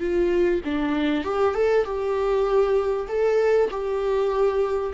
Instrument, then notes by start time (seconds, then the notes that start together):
viola
0.00 F4
0.65 D4
1.25 G4
1.55 A4
1.85 G4
3.09 A4
3.71 G4